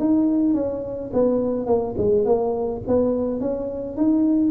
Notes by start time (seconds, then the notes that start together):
0.00 D#4
0.55 C#4
1.13 B3
1.67 A#3
1.98 G#3
2.25 A#3
2.88 B3
3.41 C#4
3.97 D#4